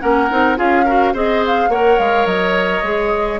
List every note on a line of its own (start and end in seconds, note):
0.00 0.31 A#3
0.00 0.28 C#4
0.00 0.58 A#4
0.00 0.57 F#5
0.31 0.59 C4
0.31 0.56 D#4
0.56 1.14 C#4
0.56 0.85 F4
0.56 0.85 G#4
0.56 1.15 F5
0.85 1.14 F#4
0.85 1.13 A#4
1.14 1.69 C4
1.14 1.71 G#4
1.14 1.70 C5
1.14 1.44 D#5
1.47 1.71 F5
1.69 1.97 A#3
1.69 2.84 A#4
1.69 3.40 C#5
1.69 1.99 F#5
1.99 2.26 G#3
1.99 2.27 F5
2.26 2.83 F#3
2.26 3.40 D#5
2.83 3.39 G#3
2.83 3.40 G#4